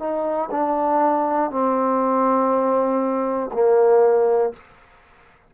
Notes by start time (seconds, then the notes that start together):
0.00 D#4
0.52 D4
1.51 C4
3.53 A#3